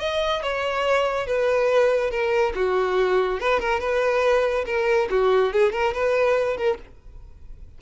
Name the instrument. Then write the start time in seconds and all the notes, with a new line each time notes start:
violin
0.00 D#5
0.42 C#5
1.26 B4
2.10 A#4
2.55 F#4
3.40 B4
3.60 A#4
3.80 B4
4.66 A#4
5.10 F#4
5.53 G#4
5.72 A#4
5.94 B4
6.57 A#4